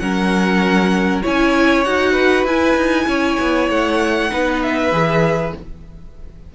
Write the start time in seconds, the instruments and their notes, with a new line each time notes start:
0.00 cello F#3, viola C#4, violin A#4 F#5
1.22 cello C#4, viola E4, violin C#5 G#5
1.84 cello D#4, viola F#4, violin F#5
2.12 violin B4
2.45 cello E4, viola E4, violin G#5
2.76 cello D#4
3.07 cello C#4, violin C#5
3.40 cello B3
3.70 cello A3, violin F#5
4.30 cello B3, viola D#4, violin B4
4.62 violin E5
4.92 cello E3, viola G#4